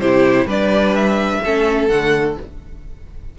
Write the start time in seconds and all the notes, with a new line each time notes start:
0.00 C3 E4 G4 C5
0.46 G3 D4 B4 D5
0.95 E5
1.45 A3 C#4 A4
1.88 D3 A3 F#5